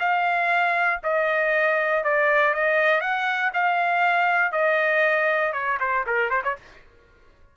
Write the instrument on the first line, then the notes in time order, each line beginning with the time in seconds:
trumpet
0.00 F5
1.04 D#5
2.04 D5
2.54 D#5
3.01 F#5
3.54 F5
4.52 D#5
5.53 C#5
5.81 C5
6.07 A#4
6.30 C5
6.44 C#5